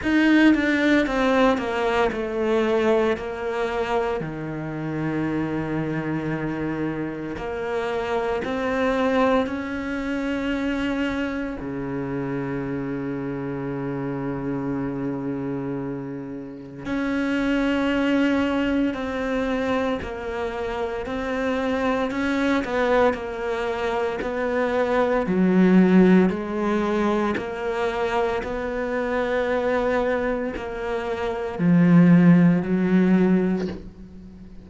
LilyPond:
\new Staff \with { instrumentName = "cello" } { \time 4/4 \tempo 4 = 57 dis'8 d'8 c'8 ais8 a4 ais4 | dis2. ais4 | c'4 cis'2 cis4~ | cis1 |
cis'2 c'4 ais4 | c'4 cis'8 b8 ais4 b4 | fis4 gis4 ais4 b4~ | b4 ais4 f4 fis4 | }